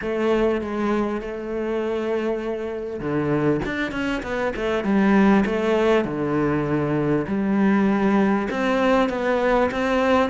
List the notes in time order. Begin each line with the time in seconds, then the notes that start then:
0.01 A3
0.61 G#3
1.21 A3
3.00 D3
3.65 D4
3.91 C#4
4.23 B3
4.56 A3
4.83 G3
5.45 A3
6.04 D3
7.27 G3
8.50 C4
9.09 B3
9.71 C4